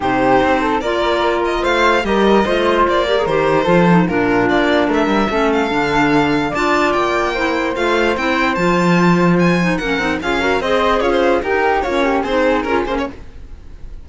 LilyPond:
<<
  \new Staff \with { instrumentName = "violin" } { \time 4/4 \tempo 4 = 147 c''2 d''4. dis''8 | f''4 dis''2 d''4 | c''2 ais'4 d''4 | e''4. f''2~ f''8 |
a''4 g''2 f''4 | g''4 a''2 gis''4 | fis''4 f''4 dis''4 cis''16 c''8. | ais'4 cis''4 c''4 ais'8 c''16 cis''16 | }
  \new Staff \with { instrumentName = "flute" } { \time 4/4 g'4. a'8 ais'2 | c''4 ais'4 c''4. ais'8~ | ais'4 a'4 f'2 | ais'4 a'2. |
d''2 c''2~ | c''1 | ais'4 gis'8 ais'8 c''4 f'4 | g'4 f'8 g'8 gis'2 | }
  \new Staff \with { instrumentName = "clarinet" } { \time 4/4 dis'2 f'2~ | f'4 g'4 f'4. g'16 gis'16 | g'4 f'8 dis'8 d'2~ | d'4 cis'4 d'2 |
f'2 e'4 f'4 | e'4 f'2~ f'8 dis'8 | cis'8 dis'8 f'8 fis'8 gis'2 | dis'4 cis'4 dis'4 f'8 cis'8 | }
  \new Staff \with { instrumentName = "cello" } { \time 4/4 c4 c'4 ais2 | a4 g4 a4 ais4 | dis4 f4 ais,4 ais4 | a8 g8 a4 d2 |
d'4 ais2 a4 | c'4 f2. | ais8 c'8 cis'4 c'4 cis'4 | dis'4 ais4 c'4 cis'8 ais8 | }
>>